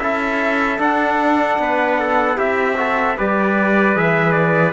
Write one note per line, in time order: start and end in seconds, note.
0.00 0.79 C#4
0.00 0.78 E4
0.00 1.61 A4
0.00 0.79 E5
0.78 2.35 D4
0.78 1.58 D4
0.78 2.39 F#5
1.59 2.38 B3
1.59 2.00 B4
2.00 2.37 A4
2.35 3.17 C4
2.35 2.75 E4
2.35 2.77 G4
2.35 3.18 E5
2.77 3.16 F#4
2.77 3.17 A4
3.17 3.96 G3
3.17 3.95 G4
3.17 4.73 B4
3.17 3.98 D5
3.95 4.73 E3
3.95 4.73 G#4
3.95 4.32 E5
4.32 4.72 D5